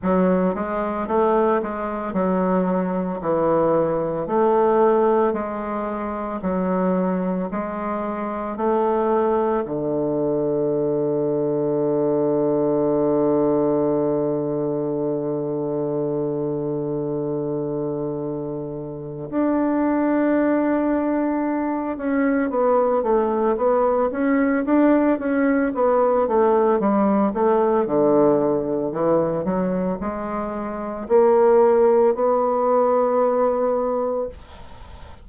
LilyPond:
\new Staff \with { instrumentName = "bassoon" } { \time 4/4 \tempo 4 = 56 fis8 gis8 a8 gis8 fis4 e4 | a4 gis4 fis4 gis4 | a4 d2.~ | d1~ |
d2 d'2~ | d'8 cis'8 b8 a8 b8 cis'8 d'8 cis'8 | b8 a8 g8 a8 d4 e8 fis8 | gis4 ais4 b2 | }